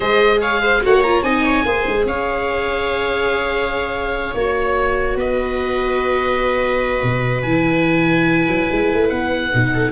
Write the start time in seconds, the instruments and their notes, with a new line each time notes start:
0.00 tuba G#3, viola G#4 C5, oboe D#5
0.41 viola C#5, oboe F5
0.61 viola C5
0.82 tuba A#3, viola F#4 C#5, oboe F#5
1.03 viola F4, oboe A#5
1.22 tuba C4, viola D#4 D#5, oboe G#5
1.43 viola C#5
1.64 tuba A#3, viola G#4 C5
1.87 tuba G#3
2.05 tuba C#4, viola C#5, oboe F5
4.34 tuba A#3, viola F#4, oboe C#5
5.15 tuba B3, viola B4, oboe D#5
7.03 tuba B2
7.42 tuba E3, viola E4, oboe G#5
8.47 tuba F#3
8.71 tuba G#3
8.93 tuba A3
9.09 tuba B3, oboe F#5
9.52 tuba B2, viola D#4
9.73 viola A4